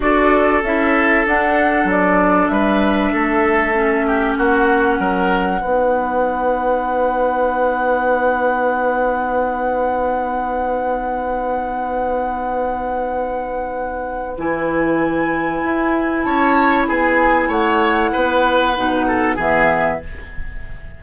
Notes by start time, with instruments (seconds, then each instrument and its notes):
0.00 bassoon D4, clarinet F#4, oboe A4, flute D5
0.62 bassoon C#4, clarinet E4, flute E5
1.26 bassoon D4, clarinet D4, flute F#5
1.84 bassoon F#3, flute D5
2.48 bassoon G3, oboe B4, flute E5
3.12 bassoon A3, oboe A4
3.74 clarinet C#4
4.07 oboe G4
4.36 bassoon A#3, oboe F#4, flute F#5
4.99 bassoon F#3, oboe A#4
5.61 bassoon B3, clarinet D#4, oboe B4
14.37 bassoon E3, clarinet E4, flute G#5
15.63 bassoon E4
16.22 bassoon C#4, oboe C#5, flute A5
16.88 bassoon B3, oboe G#4, flute G#5
17.48 bassoon A3, oboe C#5, flute F#5
18.12 bassoon B3, oboe B4
18.76 bassoon B2, clarinet D#4
19.07 oboe A4
19.35 bassoon E3, clarinet B3, oboe G#4, flute E5